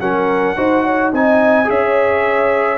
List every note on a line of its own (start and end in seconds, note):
0.00 0.56 F#3
0.00 0.57 C#4
0.00 0.57 A#4
0.00 1.13 F#5
0.57 1.13 D#4
0.57 1.13 F#4
0.57 0.84 C5
0.84 1.12 C#5
1.13 1.69 C4
1.13 1.65 D#4
1.13 1.69 D#5
1.13 1.70 G#5
1.65 2.79 C#4
1.65 2.77 G#4
1.65 2.79 C#5
1.65 2.79 E5